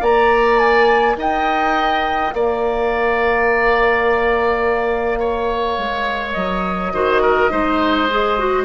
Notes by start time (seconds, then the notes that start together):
0.00 A#3 A#4 D5 A#5
0.59 G#5
1.16 D#4 D#5 G5
2.32 A#3 D5 F5
5.19 C#5
5.78 G#3
6.32 F#3 D#5
6.93 D#3 F#4 C5
7.22 A#4
7.49 G#3 D#4 C5
8.10 G#4
8.38 F#4